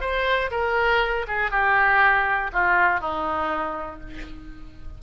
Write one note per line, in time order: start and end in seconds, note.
0.00 0.50 C5
0.51 1.26 A#4
1.27 1.50 G#4
1.50 2.50 G4
2.52 3.00 F4
3.00 4.00 D#4